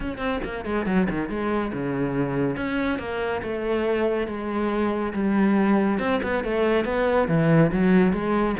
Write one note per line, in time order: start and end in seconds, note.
0.00 0.18 C#4
0.18 0.39 C4
0.44 0.65 A#3
0.65 0.86 G#3
0.86 1.07 F#3
1.09 1.29 D#3
1.29 1.72 G#3
1.72 2.56 C#3
2.56 2.98 C#4
2.98 3.41 A#3
3.42 4.27 A3
4.27 5.12 G#3
5.13 5.99 G3
5.99 6.20 C4
6.22 6.43 B3
6.43 6.85 A3
6.85 7.27 B3
7.28 7.71 E3
7.72 8.12 F#3
8.12 8.55 G#3